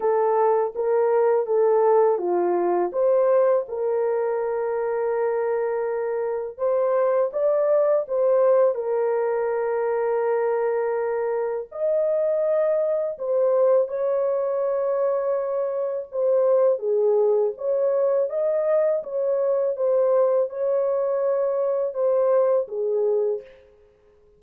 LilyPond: \new Staff \with { instrumentName = "horn" } { \time 4/4 \tempo 4 = 82 a'4 ais'4 a'4 f'4 | c''4 ais'2.~ | ais'4 c''4 d''4 c''4 | ais'1 |
dis''2 c''4 cis''4~ | cis''2 c''4 gis'4 | cis''4 dis''4 cis''4 c''4 | cis''2 c''4 gis'4 | }